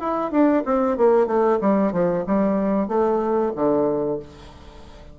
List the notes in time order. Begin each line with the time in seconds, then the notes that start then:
0.00 E4
0.31 D4
0.65 C4
0.97 A#3
1.26 A3
1.60 G3
1.92 F3
2.27 G3
2.88 A3
3.55 D3